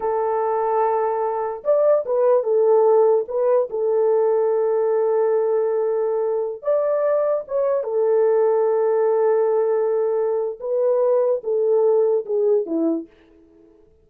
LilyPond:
\new Staff \with { instrumentName = "horn" } { \time 4/4 \tempo 4 = 147 a'1 | d''4 b'4 a'2 | b'4 a'2.~ | a'1~ |
a'16 d''2 cis''4 a'8.~ | a'1~ | a'2 b'2 | a'2 gis'4 e'4 | }